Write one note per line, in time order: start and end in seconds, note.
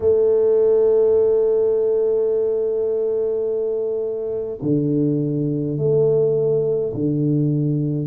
0.00 4.58 A3
4.62 5.77 D3
5.77 6.92 A3
6.94 8.07 D3